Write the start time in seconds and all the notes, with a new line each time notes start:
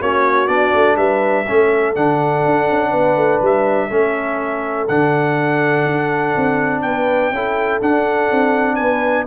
0.00 A#3 C#4 F#4 C#5
0.48 B3 D4 D5
0.74 A3
0.97 G3 B4 E5
1.48 A3 C#4 A4
1.95 D3 D4 F#5
2.46 D4
2.70 C#4
2.90 B3 B4
3.16 A3
3.41 G3 E5
3.90 A3 C#4 A4
4.88 D3 D4 F#5
5.86 D4
6.36 C4
6.82 B3 B4 G5
7.31 C#4 E4 A4
7.81 D4 F#5
8.31 C4
8.76 B3 B4 G#5